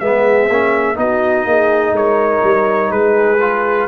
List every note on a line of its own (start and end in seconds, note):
0.00 0.49 G#3
0.00 0.50 B3
0.00 0.98 G#4
0.00 0.97 E5
0.49 0.97 A#3
0.49 0.96 C#4
0.96 1.45 B3
0.96 3.37 D#4
0.96 1.46 F#4
0.96 1.96 D#5
1.45 1.92 A#3
1.45 1.94 G#4
1.92 2.41 G#3
1.92 2.91 A#4
1.92 2.91 C#5
2.44 2.91 G3
2.91 3.88 G#3
2.91 3.87 G#4
2.91 3.88 B4
3.41 3.88 F4